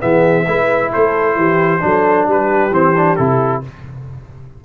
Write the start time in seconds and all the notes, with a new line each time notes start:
0.00 E3 B3 G#4 E5
0.47 G#3 E4 B4
0.93 A3 A4 C5
1.36 E3 G4
1.80 F#3 D4 A4
2.27 G3 G4 B4
2.71 E3 C4 C5
2.97 D4
3.16 C3 E4 A4